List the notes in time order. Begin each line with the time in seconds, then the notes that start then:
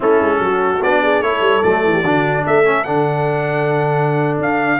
0.00 A3 C#4 E4 A4
0.20 G#3
0.38 F#3 F#4
0.82 B3 D4 D5
1.02 G#4
1.21 A3 E4 A4 C#5
1.40 G3
1.62 F#3 A3 D5
1.84 E3
1.93 G4
2.02 D3 D4 F#4
2.46 A3 A4 E5
2.64 C#4
2.83 D3 D4 F#5
4.38 D4 F5